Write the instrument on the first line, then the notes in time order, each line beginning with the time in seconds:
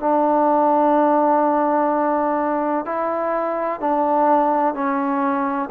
trombone
0.00 D4
2.85 E4
3.81 D4
4.74 C#4